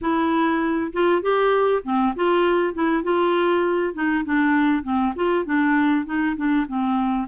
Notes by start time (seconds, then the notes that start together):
0.01 E4
0.93 F4
1.22 G4
1.83 C4
2.15 F4
2.74 E4
3.03 F4
3.94 D#4
4.24 D4
4.83 C4
5.15 F4
5.45 D4
6.05 D#4
6.36 D4
6.67 C4